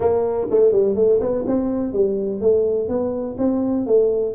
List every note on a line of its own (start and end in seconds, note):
0.00 0.47 A#3
0.50 0.72 A3
0.72 0.95 G3
0.95 1.19 A3
1.20 1.44 B3
1.46 1.92 C4
1.92 2.41 G3
2.41 2.88 A3
2.88 3.36 B3
3.38 3.86 C4
3.86 4.34 A3